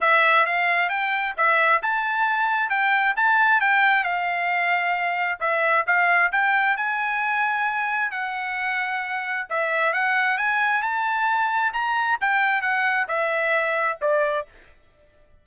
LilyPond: \new Staff \with { instrumentName = "trumpet" } { \time 4/4 \tempo 4 = 133 e''4 f''4 g''4 e''4 | a''2 g''4 a''4 | g''4 f''2. | e''4 f''4 g''4 gis''4~ |
gis''2 fis''2~ | fis''4 e''4 fis''4 gis''4 | a''2 ais''4 g''4 | fis''4 e''2 d''4 | }